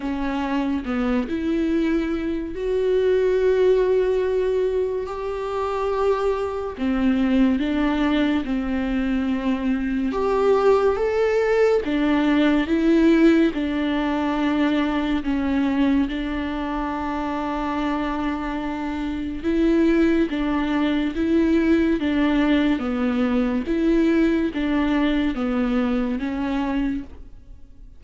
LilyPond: \new Staff \with { instrumentName = "viola" } { \time 4/4 \tempo 4 = 71 cis'4 b8 e'4. fis'4~ | fis'2 g'2 | c'4 d'4 c'2 | g'4 a'4 d'4 e'4 |
d'2 cis'4 d'4~ | d'2. e'4 | d'4 e'4 d'4 b4 | e'4 d'4 b4 cis'4 | }